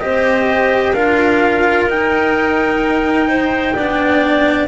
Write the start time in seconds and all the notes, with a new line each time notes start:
0.00 C4 G4 C5 D#5
0.93 D4 F4 A#4 F5
1.86 D#4 G5
3.29 C5
3.76 B3 D4 D5